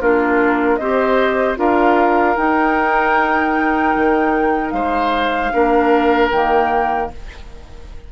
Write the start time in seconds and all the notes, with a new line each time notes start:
0.00 A#3 D4 F4 A#4
0.76 C4 G4 C5 D#5
1.56 D4 F4 A#4 F5
2.37 D#4 G5
3.96 D#3
4.70 G#3 C5 F5
5.52 A#3 D4 A#4
6.31 D#3 A#3 G5